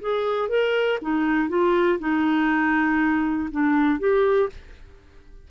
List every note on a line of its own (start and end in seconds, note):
0.00 0.49 G#4
0.49 0.99 A#4
1.01 1.48 D#4
1.48 1.98 F4
1.99 3.49 D#4
3.51 3.99 D4
3.99 4.49 G4